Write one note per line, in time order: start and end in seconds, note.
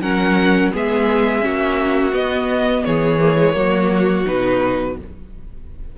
0.00 0.71 F#3
0.00 0.72 C#4
0.00 0.72 A#4
0.00 0.72 F#5
0.72 1.45 G#3
0.72 1.40 B3
0.72 1.44 G#4
0.72 2.14 E5
1.40 2.12 A#3
1.40 2.11 C#4
1.40 2.85 F#4
2.12 3.18 B3
2.12 2.83 B3
2.12 2.84 D#5
2.84 3.55 E3
2.84 3.55 G#4
2.84 4.25 C#5
3.19 3.36 A#3
3.37 3.53 G#3
3.53 4.25 F#3
3.53 4.24 A#3
3.53 4.96 F#4
4.25 4.98 B2
4.25 4.96 D#4
4.25 4.97 B4